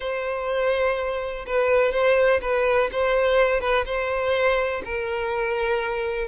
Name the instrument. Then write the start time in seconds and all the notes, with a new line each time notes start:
violin
0.00 C5
1.46 B4
1.92 C5
2.41 B4
2.92 C5
3.60 B4
3.85 C5
4.84 A#4